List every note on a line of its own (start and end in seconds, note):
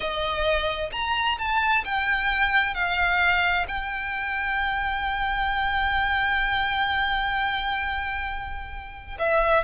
0.00 0.90 D#5
0.92 1.37 A#5
1.38 1.84 A5
1.84 2.74 G5
2.74 3.65 F5
3.67 9.17 G5
9.18 9.63 E5